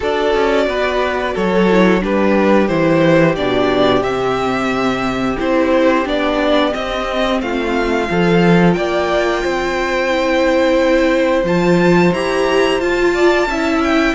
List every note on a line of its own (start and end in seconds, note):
0.00 0.34 D4
0.00 1.68 F#4
0.00 0.64 A4
0.00 1.36 D5
0.34 0.66 C#4
0.66 1.34 B3
0.66 1.34 B4
1.34 2.02 F#3
1.34 2.01 A4
1.34 2.03 C#5
1.71 2.00 E4
2.00 2.69 G3
2.00 2.67 D4
2.00 7.42 G4
2.00 2.68 B4
2.68 3.36 E3
2.68 3.36 E4
2.68 3.35 C5
3.36 4.01 B2
3.36 4.03 D4
3.36 4.02 D5
4.01 5.36 C3
4.01 5.37 C4
4.01 5.37 E5
5.37 6.05 C4
5.37 6.05 E4
5.37 6.07 C5
6.05 6.73 B3
6.05 6.71 D4
6.05 6.73 D5
6.71 8.06 C4
6.71 7.41 C4
6.71 7.41 D#5
7.41 8.09 A3
7.41 8.10 F4
7.41 8.73 F5
8.08 8.76 F3
8.08 10.09 F4
8.08 8.76 A4
8.73 9.43 A#3
8.73 9.43 D5
8.73 11.42 G5
9.43 11.43 C4
9.43 13.14 C5
10.09 11.44 E4
11.43 12.11 F3
11.43 12.13 F4
11.43 12.13 A5
12.12 12.80 E4
12.12 12.79 G4
12.12 12.80 A#5
12.79 13.47 F4
12.79 13.46 F4
12.79 13.81 A5
13.14 13.47 D5
13.46 14.13 C#4
13.46 14.15 E4
13.46 14.15 E5
13.83 14.15 G5